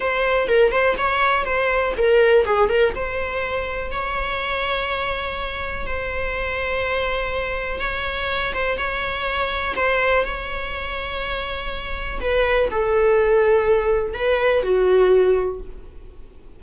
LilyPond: \new Staff \with { instrumentName = "viola" } { \time 4/4 \tempo 4 = 123 c''4 ais'8 c''8 cis''4 c''4 | ais'4 gis'8 ais'8 c''2 | cis''1 | c''1 |
cis''4. c''8 cis''2 | c''4 cis''2.~ | cis''4 b'4 a'2~ | a'4 b'4 fis'2 | }